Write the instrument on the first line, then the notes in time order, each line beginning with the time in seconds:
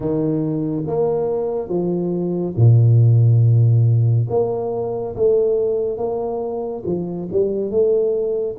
tuba
0.00 D#3
0.86 A#3
1.68 F3
2.56 A#2
4.29 A#3
5.15 A3
5.97 A#3
6.85 F3
7.31 G3
7.70 A3